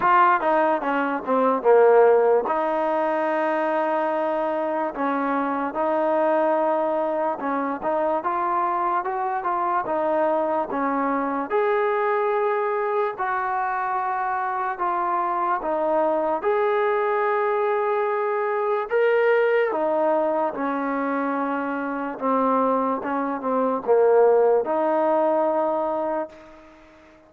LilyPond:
\new Staff \with { instrumentName = "trombone" } { \time 4/4 \tempo 4 = 73 f'8 dis'8 cis'8 c'8 ais4 dis'4~ | dis'2 cis'4 dis'4~ | dis'4 cis'8 dis'8 f'4 fis'8 f'8 | dis'4 cis'4 gis'2 |
fis'2 f'4 dis'4 | gis'2. ais'4 | dis'4 cis'2 c'4 | cis'8 c'8 ais4 dis'2 | }